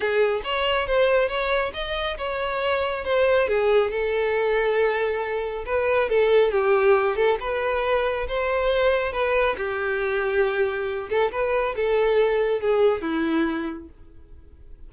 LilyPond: \new Staff \with { instrumentName = "violin" } { \time 4/4 \tempo 4 = 138 gis'4 cis''4 c''4 cis''4 | dis''4 cis''2 c''4 | gis'4 a'2.~ | a'4 b'4 a'4 g'4~ |
g'8 a'8 b'2 c''4~ | c''4 b'4 g'2~ | g'4. a'8 b'4 a'4~ | a'4 gis'4 e'2 | }